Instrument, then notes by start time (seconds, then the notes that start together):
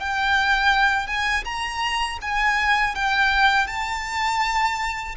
violin
0.00 G5
1.07 G#5
1.45 A#5
2.22 G#5
2.95 G5
3.67 A5